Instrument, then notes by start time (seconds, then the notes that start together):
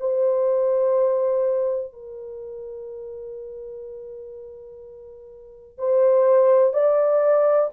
horn
0.00 C5
1.92 A#4
5.78 C5
6.73 D5